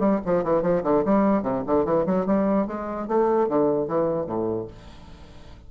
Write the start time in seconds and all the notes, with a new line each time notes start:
0.00 G3
0.26 F3
0.44 E3
0.63 F3
0.84 D3
1.05 G3
1.43 C3
1.67 D3
1.85 E3
2.07 F#3
2.27 G3
2.68 G#3
3.08 A3
3.49 D3
3.88 E3
4.27 A2